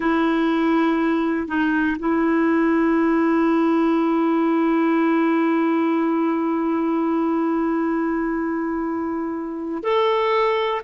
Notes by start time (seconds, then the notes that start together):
0.00 E4
1.47 D#4
1.99 E4
9.83 A4